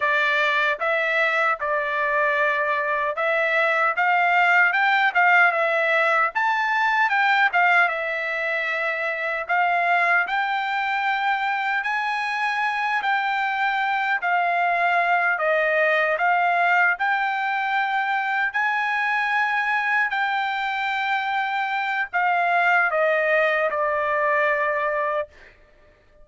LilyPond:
\new Staff \with { instrumentName = "trumpet" } { \time 4/4 \tempo 4 = 76 d''4 e''4 d''2 | e''4 f''4 g''8 f''8 e''4 | a''4 g''8 f''8 e''2 | f''4 g''2 gis''4~ |
gis''8 g''4. f''4. dis''8~ | dis''8 f''4 g''2 gis''8~ | gis''4. g''2~ g''8 | f''4 dis''4 d''2 | }